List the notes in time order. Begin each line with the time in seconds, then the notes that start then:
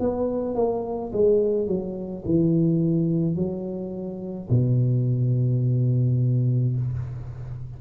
0.00 B3
0.55 A#3
1.13 G#3
1.67 F#3
2.25 E3
3.36 F#3
4.50 B2